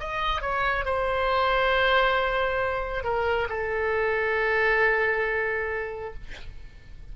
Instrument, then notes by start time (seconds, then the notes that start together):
oboe
0.00 D#5
0.42 C#5
0.85 C5
3.04 A#4
3.49 A4